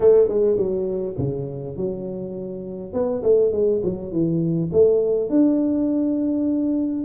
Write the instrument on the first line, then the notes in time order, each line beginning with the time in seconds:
tuba
0.00 A3
0.28 G#3
0.57 F#3
1.17 C#3
1.76 F#3
2.93 B3
3.22 A3
3.52 G#3
3.83 F#3
4.11 E3
4.72 A3
5.29 D4